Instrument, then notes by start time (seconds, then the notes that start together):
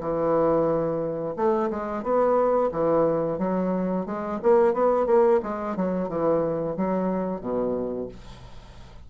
bassoon
0.00 E3
1.36 A3
1.70 G#3
2.03 B3
2.72 E3
3.38 F#3
4.06 G#3
4.42 A#3
4.73 B3
5.06 A#3
5.42 G#3
5.76 F#3
6.08 E3
6.76 F#3
7.41 B2